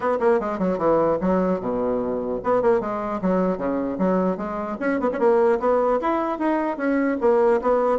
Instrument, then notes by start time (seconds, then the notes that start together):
bassoon
0.00 B3
0.19 A#3
0.40 G#3
0.58 F#3
0.78 E3
1.21 F#3
1.60 B2
2.43 B3
2.62 A#3
2.80 G#3
3.21 F#3
3.57 C#3
3.98 F#3
4.37 G#3
4.80 C#4
4.99 B3
5.12 C#4
5.19 A#3
5.59 B3
6.01 E4
6.39 D#4
6.77 C#4
7.21 A#3
7.61 B3